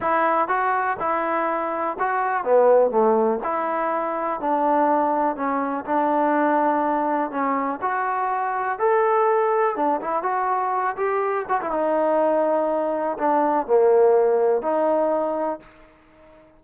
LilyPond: \new Staff \with { instrumentName = "trombone" } { \time 4/4 \tempo 4 = 123 e'4 fis'4 e'2 | fis'4 b4 a4 e'4~ | e'4 d'2 cis'4 | d'2. cis'4 |
fis'2 a'2 | d'8 e'8 fis'4. g'4 fis'16 e'16 | dis'2. d'4 | ais2 dis'2 | }